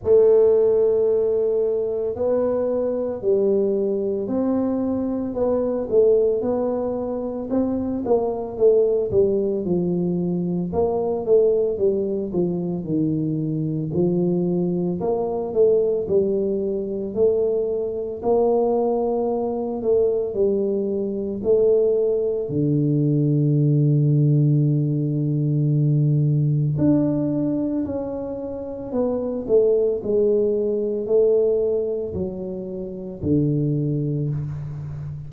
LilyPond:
\new Staff \with { instrumentName = "tuba" } { \time 4/4 \tempo 4 = 56 a2 b4 g4 | c'4 b8 a8 b4 c'8 ais8 | a8 g8 f4 ais8 a8 g8 f8 | dis4 f4 ais8 a8 g4 |
a4 ais4. a8 g4 | a4 d2.~ | d4 d'4 cis'4 b8 a8 | gis4 a4 fis4 d4 | }